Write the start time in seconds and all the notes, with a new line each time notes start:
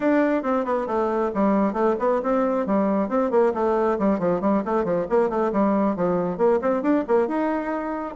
0.00 D4
0.42 C4
0.64 B3
0.86 A3
1.34 G3
1.73 A3
1.99 B3
2.23 C4
2.66 G3
3.08 C4
3.30 A#3
3.54 A3
3.98 G3
4.19 F3
4.40 G3
4.65 A3
4.84 F3
5.09 A#3
5.29 A3
5.52 G3
5.96 F3
6.37 A#3
6.61 C4
6.82 D4
7.07 A#3
7.27 D#4